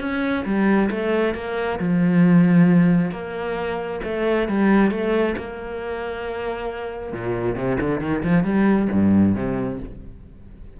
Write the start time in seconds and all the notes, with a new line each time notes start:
0.00 C#4
0.45 G3
0.91 A3
1.34 A#3
1.79 F3
3.11 A#3
4.04 A3
4.48 G3
4.91 A3
5.37 A#3
7.12 A#2
7.55 C3
7.80 D3
8.00 D#3
8.23 F3
8.44 G3
8.92 G2
9.35 C3